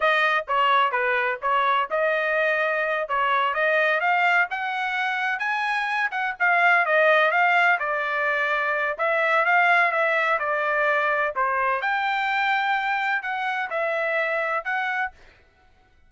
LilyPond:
\new Staff \with { instrumentName = "trumpet" } { \time 4/4 \tempo 4 = 127 dis''4 cis''4 b'4 cis''4 | dis''2~ dis''8 cis''4 dis''8~ | dis''8 f''4 fis''2 gis''8~ | gis''4 fis''8 f''4 dis''4 f''8~ |
f''8 d''2~ d''8 e''4 | f''4 e''4 d''2 | c''4 g''2. | fis''4 e''2 fis''4 | }